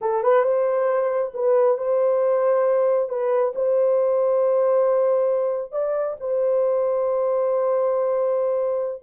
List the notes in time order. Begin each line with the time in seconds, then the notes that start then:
0.01 A4
0.23 B4
0.43 C5
1.34 B4
1.77 C5
3.09 B4
3.55 C5
5.72 D5
6.19 C5